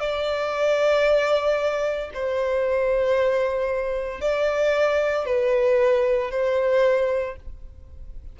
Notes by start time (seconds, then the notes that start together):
0.00 D5
2.14 C5
4.21 D5
5.25 B4
6.31 C5